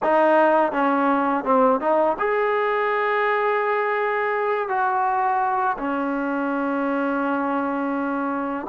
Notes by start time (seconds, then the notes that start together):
0.03 D#4
0.72 C#4
1.44 C4
1.80 D#4
2.18 G#4
4.68 F#4
5.77 C#4